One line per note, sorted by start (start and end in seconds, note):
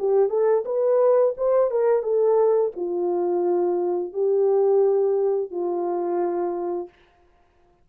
0.00 0.30 G4
0.30 0.64 A4
0.66 1.35 B4
1.38 1.71 C5
1.71 2.03 A#4
2.03 2.72 A4
2.76 4.13 F4
4.13 5.51 G4
5.51 6.89 F4